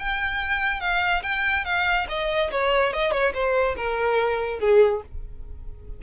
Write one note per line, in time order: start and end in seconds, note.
0.00 0.81 G5
0.81 1.23 F5
1.23 1.65 G5
1.66 2.08 F5
2.09 2.51 D#5
2.52 2.94 C#5
2.94 3.12 D#5
3.12 3.33 C#5
3.34 3.76 C5
3.77 4.60 A#4
4.60 5.02 G#4